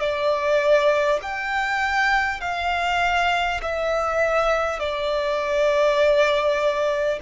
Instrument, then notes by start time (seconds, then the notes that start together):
violin
0.00 D5
1.22 G5
2.41 F5
3.62 E5
4.79 D5